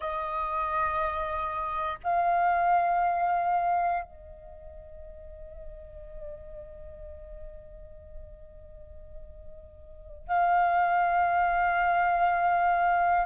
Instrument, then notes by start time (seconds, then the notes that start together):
flute
0.00 D#5
2.03 F5
4.03 D#5
10.27 F5